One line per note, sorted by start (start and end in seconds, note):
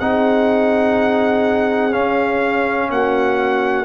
0.00 1.94 C4
0.00 1.92 D#4
0.00 2.91 G#4
0.00 1.94 F#5
1.92 3.85 C#4
1.92 2.91 C#4
1.92 2.90 F5
2.91 3.86 A#3
2.91 3.86 F#4
2.91 3.86 F#5